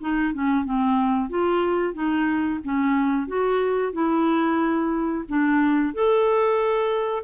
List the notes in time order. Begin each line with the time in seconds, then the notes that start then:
0.00 D#4
0.33 C#4
0.64 C4
1.29 F4
1.94 D#4
2.63 C#4
3.27 F#4
3.92 E4
5.28 D4
5.94 A4